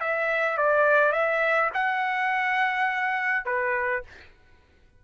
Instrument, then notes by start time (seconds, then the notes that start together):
trumpet
0.00 E5
0.57 D5
1.12 E5
1.74 F#5
3.45 B4